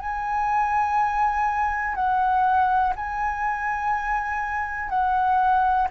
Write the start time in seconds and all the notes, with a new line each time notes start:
0.00 G#5
1.95 F#5
2.96 G#5
4.90 F#5